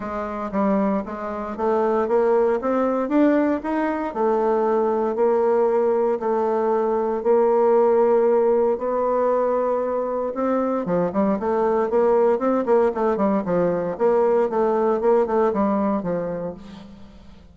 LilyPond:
\new Staff \with { instrumentName = "bassoon" } { \time 4/4 \tempo 4 = 116 gis4 g4 gis4 a4 | ais4 c'4 d'4 dis'4 | a2 ais2 | a2 ais2~ |
ais4 b2. | c'4 f8 g8 a4 ais4 | c'8 ais8 a8 g8 f4 ais4 | a4 ais8 a8 g4 f4 | }